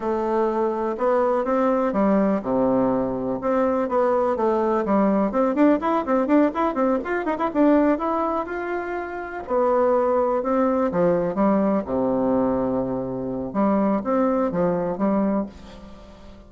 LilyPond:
\new Staff \with { instrumentName = "bassoon" } { \time 4/4 \tempo 4 = 124 a2 b4 c'4 | g4 c2 c'4 | b4 a4 g4 c'8 d'8 | e'8 c'8 d'8 e'8 c'8 f'8 dis'16 e'16 d'8~ |
d'8 e'4 f'2 b8~ | b4. c'4 f4 g8~ | g8 c2.~ c8 | g4 c'4 f4 g4 | }